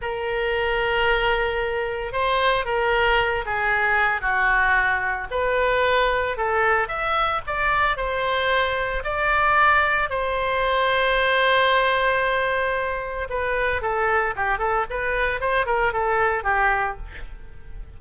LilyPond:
\new Staff \with { instrumentName = "oboe" } { \time 4/4 \tempo 4 = 113 ais'1 | c''4 ais'4. gis'4. | fis'2 b'2 | a'4 e''4 d''4 c''4~ |
c''4 d''2 c''4~ | c''1~ | c''4 b'4 a'4 g'8 a'8 | b'4 c''8 ais'8 a'4 g'4 | }